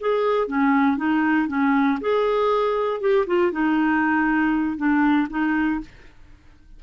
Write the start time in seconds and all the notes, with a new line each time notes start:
0.00 G#4
0.47 C#4
0.97 D#4
1.48 C#4
2.00 G#4
3.00 G4
3.26 F4
3.52 D#4
4.77 D4
5.30 D#4